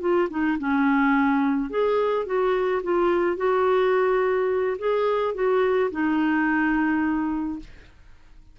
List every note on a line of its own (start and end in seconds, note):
0.00 0.28 F4
0.30 0.58 D#4
0.59 1.70 C#4
1.70 2.26 G#4
2.26 2.82 F#4
2.83 3.37 F4
3.37 4.77 F#4
4.78 5.34 G#4
5.34 5.90 F#4
5.91 7.59 D#4